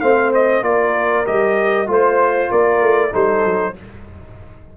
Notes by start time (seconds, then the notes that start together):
0.00 A3 C4 C5 F5
0.34 D#5
0.62 A#3 F4 A#4 D5
1.26 G3 G4 D#5
1.87 A3 F4 C5
2.50 A#3 A#4 D5
2.82 A3
3.11 G3 D#4 A4 C5
3.45 F#3